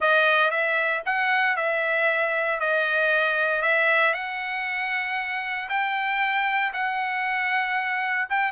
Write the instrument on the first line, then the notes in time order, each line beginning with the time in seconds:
trumpet
0.00 D#5
0.50 E5
1.05 F#5
1.56 E5
2.60 D#5
3.61 E5
4.13 F#5
5.69 G5
6.73 F#5
8.29 G5